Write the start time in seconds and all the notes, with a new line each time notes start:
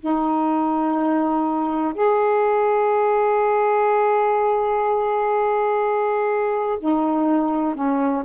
0.00 D#4
1.94 G#4
6.80 D#4
7.75 C#4